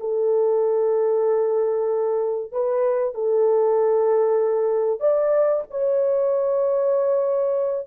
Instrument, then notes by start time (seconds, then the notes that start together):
horn
0.00 A4
2.52 B4
3.14 A4
5.00 D5
5.70 C#5